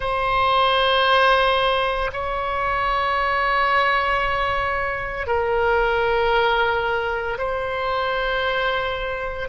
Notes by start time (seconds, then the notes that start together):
0.00 C5
2.12 C#5
5.26 A#4
7.37 C5